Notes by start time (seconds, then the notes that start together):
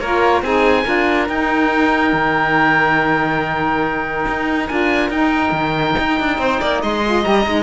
0.00 A#3 F4 A#4 C#5
0.42 C4 D#4 G#4 G#5
0.85 D4 F4 A#4
1.29 D#4 G5
2.13 D#3
4.28 D#4
4.68 D4 F4 G#5
5.10 D#4 G5
5.52 D#3
6.00 D#4
6.20 D4
6.38 C4 C5
6.61 A#3 D5
6.82 G#3 D#5 C6
7.05 F4
7.23 G3 G4 A#5
7.46 G#3 D#4